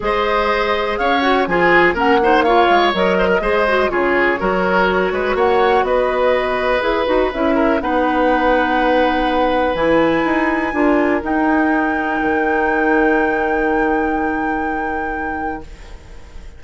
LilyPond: <<
  \new Staff \with { instrumentName = "flute" } { \time 4/4 \tempo 4 = 123 dis''2 f''8 fis''8 gis''4 | fis''4 f''4 dis''2 | cis''2. fis''4 | dis''2 b'4 e''4 |
fis''1 | gis''2. g''4~ | g''1~ | g''1 | }
  \new Staff \with { instrumentName = "oboe" } { \time 4/4 c''2 cis''4 gis'4 | ais'8 c''8 cis''4. c''16 ais'16 c''4 | gis'4 ais'4. b'8 cis''4 | b'2.~ b'8 ais'8 |
b'1~ | b'2 ais'2~ | ais'1~ | ais'1 | }
  \new Staff \with { instrumentName = "clarinet" } { \time 4/4 gis'2~ gis'8 fis'8 f'4 | cis'8 dis'8 f'4 ais'4 gis'8 fis'8 | f'4 fis'2.~ | fis'2 gis'8 fis'8 e'4 |
dis'1 | e'2 f'4 dis'4~ | dis'1~ | dis'1 | }
  \new Staff \with { instrumentName = "bassoon" } { \time 4/4 gis2 cis'4 f4 | ais4. gis8 fis4 gis4 | cis4 fis4. gis8 ais4 | b2 e'8 dis'8 cis'4 |
b1 | e4 dis'4 d'4 dis'4~ | dis'4 dis2.~ | dis1 | }
>>